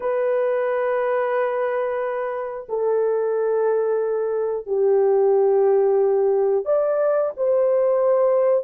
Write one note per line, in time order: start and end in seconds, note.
0.00 2.66 B4
2.68 4.66 A4
4.66 6.65 G4
6.65 7.32 D5
7.36 8.64 C5